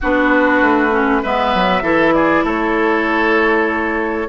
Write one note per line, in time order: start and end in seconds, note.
0.01 0.61 B3
0.01 0.91 D4
0.01 1.22 F#4
0.01 1.24 B4
0.61 1.22 A3
0.91 1.21 C#4
1.22 1.54 G#3
1.22 1.82 B3
1.22 1.83 B4
1.22 2.13 E5
1.54 1.82 F#3
1.82 2.43 E3
1.82 4.27 E4
1.82 2.13 A4
2.13 2.44 G#4
2.13 2.44 D5
2.43 4.27 A3
2.43 4.27 A4
2.43 4.29 C#5